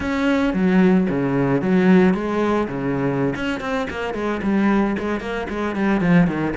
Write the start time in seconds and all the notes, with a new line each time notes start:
0.00 C#4
0.53 F#3
1.09 C#3
1.61 F#3
2.14 G#3
2.68 C#3
3.35 C#4
3.60 C4
3.90 A#3
4.14 G#3
4.42 G3
4.98 G#3
5.20 A#3
5.49 G#3
5.75 G3
6.00 F3
6.27 D#3